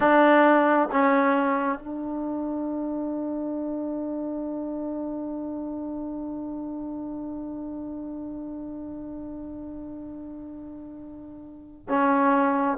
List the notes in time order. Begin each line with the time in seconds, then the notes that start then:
0.00 D4
0.91 C#4
1.78 D4
11.89 C#4